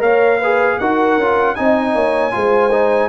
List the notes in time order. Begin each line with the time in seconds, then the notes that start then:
0.00 A#3 A#4 C#5 F5
0.38 G#4 B4
0.79 D#4 F#4 A#4 F#5
1.17 C#4 F4
1.55 C4 D#4 D#5 G#5
1.95 A#3 C#5
2.31 G#3 F4 C5
2.72 D#4